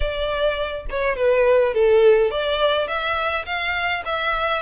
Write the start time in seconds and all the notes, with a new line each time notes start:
0.00 D5
0.89 C#5
1.16 B4
1.73 A4
2.31 D5
2.87 E5
3.45 F5
4.05 E5